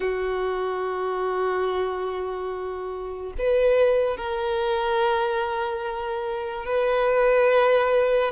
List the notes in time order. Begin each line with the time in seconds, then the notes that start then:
0.00 F#4
3.38 B4
4.17 A#4
6.65 B4